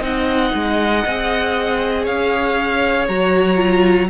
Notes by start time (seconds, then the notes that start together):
0.00 C4 D#4 D#5 F#5
0.54 G#3
1.06 C4 G#4
2.04 C#4 C#5 F5
3.08 F#3 F#4 A#5
3.56 F4